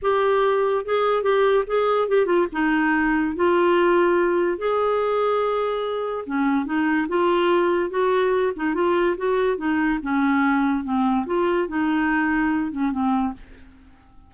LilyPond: \new Staff \with { instrumentName = "clarinet" } { \time 4/4 \tempo 4 = 144 g'2 gis'4 g'4 | gis'4 g'8 f'8 dis'2 | f'2. gis'4~ | gis'2. cis'4 |
dis'4 f'2 fis'4~ | fis'8 dis'8 f'4 fis'4 dis'4 | cis'2 c'4 f'4 | dis'2~ dis'8 cis'8 c'4 | }